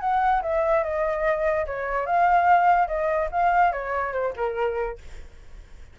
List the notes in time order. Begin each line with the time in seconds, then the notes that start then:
0.00 F#5
0.42 E5
0.83 D#5
1.66 C#5
2.06 F5
2.87 D#5
3.31 F5
3.72 C#5
4.12 C5
4.36 A#4